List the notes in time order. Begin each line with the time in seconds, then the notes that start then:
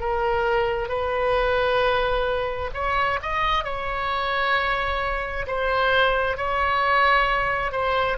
0.00 A#4
0.89 B4
2.74 C#5
3.23 D#5
3.64 C#5
5.47 C5
6.38 C#5
7.72 C5